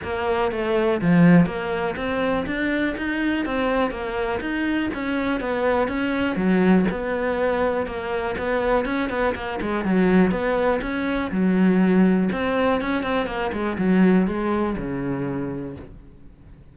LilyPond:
\new Staff \with { instrumentName = "cello" } { \time 4/4 \tempo 4 = 122 ais4 a4 f4 ais4 | c'4 d'4 dis'4 c'4 | ais4 dis'4 cis'4 b4 | cis'4 fis4 b2 |
ais4 b4 cis'8 b8 ais8 gis8 | fis4 b4 cis'4 fis4~ | fis4 c'4 cis'8 c'8 ais8 gis8 | fis4 gis4 cis2 | }